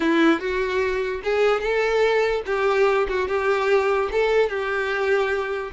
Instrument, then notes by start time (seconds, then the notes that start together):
violin
0.00 E4
0.40 F#4
1.23 G#4
1.60 A4
2.46 G4
3.08 F#4
3.28 G4
4.11 A4
4.49 G4